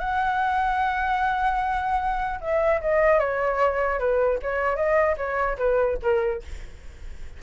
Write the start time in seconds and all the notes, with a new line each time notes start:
0.00 F#5
2.41 E5
2.82 D#5
3.19 C#5
3.99 B4
4.43 C#5
4.76 D#5
5.18 C#5
5.58 B4
6.03 A#4